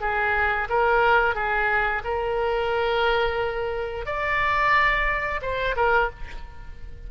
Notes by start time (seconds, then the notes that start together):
0.00 G#4
0.69 A#4
1.35 G#4
2.04 A#4
4.05 D5
5.41 C5
5.76 A#4